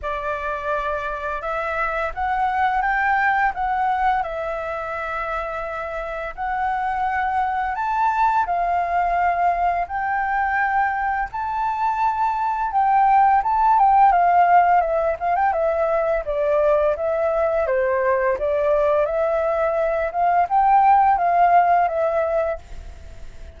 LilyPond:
\new Staff \with { instrumentName = "flute" } { \time 4/4 \tempo 4 = 85 d''2 e''4 fis''4 | g''4 fis''4 e''2~ | e''4 fis''2 a''4 | f''2 g''2 |
a''2 g''4 a''8 g''8 | f''4 e''8 f''16 g''16 e''4 d''4 | e''4 c''4 d''4 e''4~ | e''8 f''8 g''4 f''4 e''4 | }